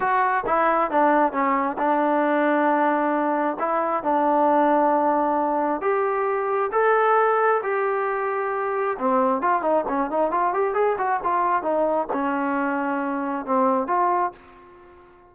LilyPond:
\new Staff \with { instrumentName = "trombone" } { \time 4/4 \tempo 4 = 134 fis'4 e'4 d'4 cis'4 | d'1 | e'4 d'2.~ | d'4 g'2 a'4~ |
a'4 g'2. | c'4 f'8 dis'8 cis'8 dis'8 f'8 g'8 | gis'8 fis'8 f'4 dis'4 cis'4~ | cis'2 c'4 f'4 | }